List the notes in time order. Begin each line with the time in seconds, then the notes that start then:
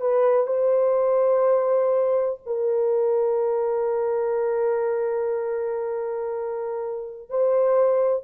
0.00 B4
0.47 C5
2.46 A#4
7.29 C5